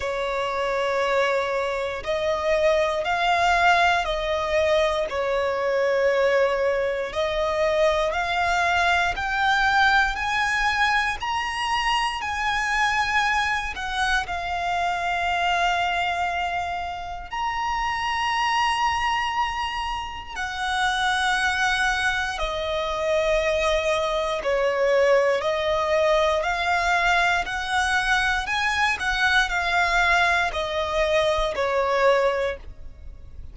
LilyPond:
\new Staff \with { instrumentName = "violin" } { \time 4/4 \tempo 4 = 59 cis''2 dis''4 f''4 | dis''4 cis''2 dis''4 | f''4 g''4 gis''4 ais''4 | gis''4. fis''8 f''2~ |
f''4 ais''2. | fis''2 dis''2 | cis''4 dis''4 f''4 fis''4 | gis''8 fis''8 f''4 dis''4 cis''4 | }